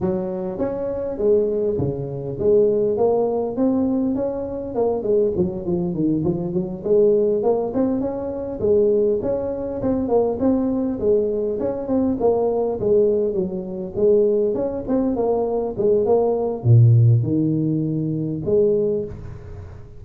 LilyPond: \new Staff \with { instrumentName = "tuba" } { \time 4/4 \tempo 4 = 101 fis4 cis'4 gis4 cis4 | gis4 ais4 c'4 cis'4 | ais8 gis8 fis8 f8 dis8 f8 fis8 gis8~ | gis8 ais8 c'8 cis'4 gis4 cis'8~ |
cis'8 c'8 ais8 c'4 gis4 cis'8 | c'8 ais4 gis4 fis4 gis8~ | gis8 cis'8 c'8 ais4 gis8 ais4 | ais,4 dis2 gis4 | }